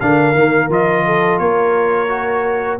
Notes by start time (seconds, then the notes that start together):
0.00 D3 D4 A#4 F5
0.34 D#3 A#3
0.69 F3 F4 D#5
1.05 A4
1.38 A#3 A#4 C#5
2.08 F#4